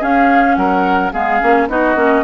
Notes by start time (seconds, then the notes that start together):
0.00 C#4 G#4 F5
0.55 F#3 A#4 F#5
1.12 G#3 B3 G#4 F5
1.40 A#3 C#4
1.68 B3 D#4 F#4 D#5
1.95 A#3 C#4